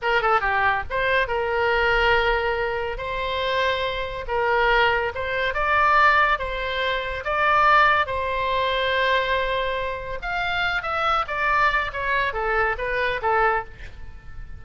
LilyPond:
\new Staff \with { instrumentName = "oboe" } { \time 4/4 \tempo 4 = 141 ais'8 a'8 g'4 c''4 ais'4~ | ais'2. c''4~ | c''2 ais'2 | c''4 d''2 c''4~ |
c''4 d''2 c''4~ | c''1 | f''4. e''4 d''4. | cis''4 a'4 b'4 a'4 | }